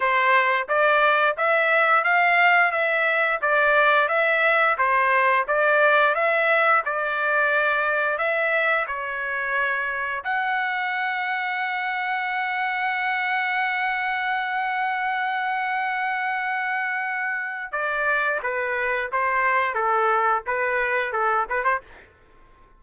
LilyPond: \new Staff \with { instrumentName = "trumpet" } { \time 4/4 \tempo 4 = 88 c''4 d''4 e''4 f''4 | e''4 d''4 e''4 c''4 | d''4 e''4 d''2 | e''4 cis''2 fis''4~ |
fis''1~ | fis''1~ | fis''2 d''4 b'4 | c''4 a'4 b'4 a'8 b'16 c''16 | }